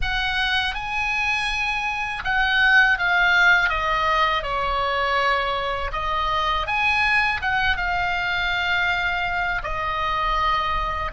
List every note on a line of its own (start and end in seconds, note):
0.01 0.74 F#5
0.74 2.22 G#5
2.24 2.98 F#5
2.98 3.69 F5
3.69 4.42 D#5
4.42 5.91 C#5
5.92 6.66 D#5
6.66 7.40 G#5
7.41 7.76 F#5
7.76 9.62 F5
9.63 11.11 D#5